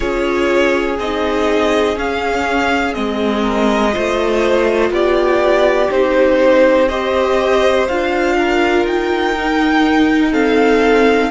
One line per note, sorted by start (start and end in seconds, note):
0.00 0.98 C#4
0.00 0.98 F4
0.00 3.42 G#4
0.00 0.96 C#5
0.98 1.96 C4
0.98 1.95 D#4
0.98 1.98 D#5
1.95 2.93 C#4
1.95 2.95 C#4
1.95 2.93 F5
2.93 3.95 G#3
2.93 3.91 C4
2.93 4.90 D#5
3.42 3.91 A#4
3.91 4.90 A3
3.91 5.88 F4
3.91 4.92 C5
4.90 5.89 B3
4.90 6.88 G4
4.90 5.90 D5
5.90 7.87 C4
5.90 6.89 D#4
5.90 6.88 C5
6.88 7.89 G4
6.88 8.35 C5
6.88 7.86 D#5
7.88 8.84 D4
7.88 9.35 F4
7.88 8.86 F5
8.37 10.30 A#4
8.84 11.30 D#4
8.84 10.33 G5
9.35 10.32 D#4
10.30 11.30 C4
10.30 11.29 A4
10.30 11.30 F5